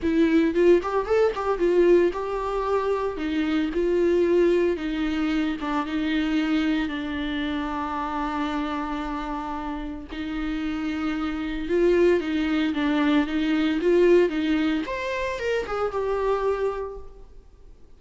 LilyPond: \new Staff \with { instrumentName = "viola" } { \time 4/4 \tempo 4 = 113 e'4 f'8 g'8 a'8 g'8 f'4 | g'2 dis'4 f'4~ | f'4 dis'4. d'8 dis'4~ | dis'4 d'2.~ |
d'2. dis'4~ | dis'2 f'4 dis'4 | d'4 dis'4 f'4 dis'4 | c''4 ais'8 gis'8 g'2 | }